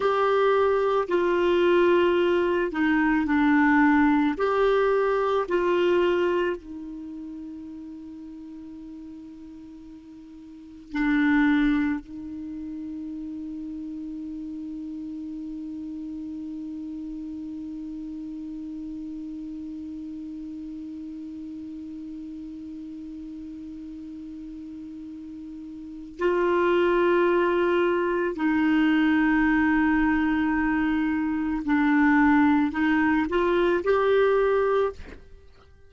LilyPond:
\new Staff \with { instrumentName = "clarinet" } { \time 4/4 \tempo 4 = 55 g'4 f'4. dis'8 d'4 | g'4 f'4 dis'2~ | dis'2 d'4 dis'4~ | dis'1~ |
dis'1~ | dis'1 | f'2 dis'2~ | dis'4 d'4 dis'8 f'8 g'4 | }